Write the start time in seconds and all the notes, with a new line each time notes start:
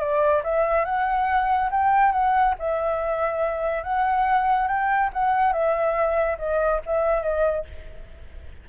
0.00 D5
0.44 E5
0.85 F#5
1.71 G5
2.12 F#5
2.59 E5
3.84 F#5
4.68 G5
5.13 F#5
5.53 E5
6.38 D#5
6.86 E5
7.23 D#5